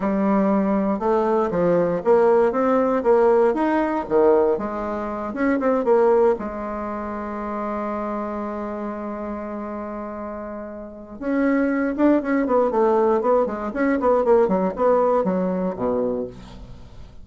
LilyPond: \new Staff \with { instrumentName = "bassoon" } { \time 4/4 \tempo 4 = 118 g2 a4 f4 | ais4 c'4 ais4 dis'4 | dis4 gis4. cis'8 c'8 ais8~ | ais8 gis2.~ gis8~ |
gis1~ | gis2 cis'4. d'8 | cis'8 b8 a4 b8 gis8 cis'8 b8 | ais8 fis8 b4 fis4 b,4 | }